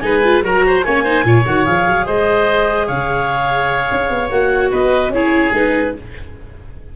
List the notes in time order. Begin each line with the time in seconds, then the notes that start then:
0.00 G#3 D#4 B4 G#5
0.24 F4
0.43 F#3 F#4 A#4 A#5
0.66 C5
0.83 A#3 C#4 C#5 G#5
1.04 D#4 C5
1.24 A#2 F4 C#5
1.46 D#3 F#4 F#5
1.65 F3 G#4 F5
1.87 F#3
2.06 G#3 C5 D#5
2.87 C#3 C#5 F5
3.91 C#4
4.10 B3
4.31 A#3 F#4 F#5
4.71 B3 B4 D#5
5.09 C#4 E4 G#4 C#5
5.53 G#3 D#4 B4